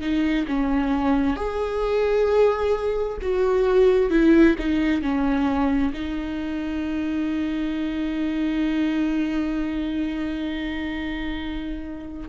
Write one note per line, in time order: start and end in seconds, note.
0.00 0.45 D#4
0.47 1.36 C#4
1.36 3.17 G#4
3.21 4.10 F#4
4.10 4.55 E4
4.58 5.02 D#4
5.02 5.93 C#4
5.93 12.29 D#4